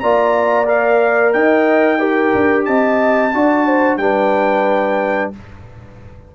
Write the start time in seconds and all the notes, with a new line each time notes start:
0.00 A#3 F4 D5 A#5
0.66 A#4 F5
1.33 D#4 D#5 G5
1.98 G4 A#4
2.35 D4
2.65 C4 D#5 A5
3.34 D4 F#4 D5
3.66 C5
3.97 G3 D4 B4 G5